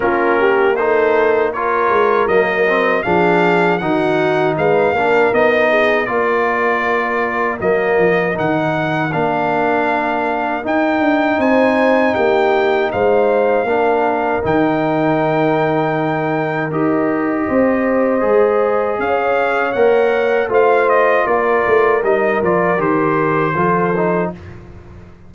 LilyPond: <<
  \new Staff \with { instrumentName = "trumpet" } { \time 4/4 \tempo 4 = 79 ais'4 c''4 cis''4 dis''4 | f''4 fis''4 f''4 dis''4 | d''2 dis''4 fis''4 | f''2 g''4 gis''4 |
g''4 f''2 g''4~ | g''2 dis''2~ | dis''4 f''4 fis''4 f''8 dis''8 | d''4 dis''8 d''8 c''2 | }
  \new Staff \with { instrumentName = "horn" } { \time 4/4 f'8 g'8 a'4 ais'2 | gis'4 fis'4 b'8 ais'4 gis'8 | ais'1~ | ais'2. c''4 |
g'4 c''4 ais'2~ | ais'2. c''4~ | c''4 cis''2 c''4 | ais'2. a'4 | }
  \new Staff \with { instrumentName = "trombone" } { \time 4/4 cis'4 dis'4 f'4 ais8 c'8 | d'4 dis'4. d'8 dis'4 | f'2 ais4 dis'4 | d'2 dis'2~ |
dis'2 d'4 dis'4~ | dis'2 g'2 | gis'2 ais'4 f'4~ | f'4 dis'8 f'8 g'4 f'8 dis'8 | }
  \new Staff \with { instrumentName = "tuba" } { \time 4/4 ais2~ ais8 gis8 fis4 | f4 dis4 gis8 ais8 b4 | ais2 fis8 f8 dis4 | ais2 dis'8 d'8 c'4 |
ais4 gis4 ais4 dis4~ | dis2 dis'4 c'4 | gis4 cis'4 ais4 a4 | ais8 a8 g8 f8 dis4 f4 | }
>>